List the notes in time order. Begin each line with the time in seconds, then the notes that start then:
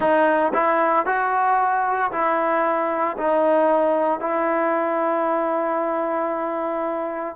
0.00 D#4
0.53 E4
1.06 F#4
2.11 E4
3.17 D#4
4.20 E4